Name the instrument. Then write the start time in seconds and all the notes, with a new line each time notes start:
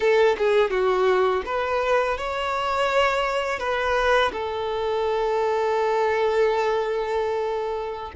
violin
0.00 A4
0.38 G#4
0.70 F#4
1.45 B4
2.17 C#5
3.59 B4
4.32 A4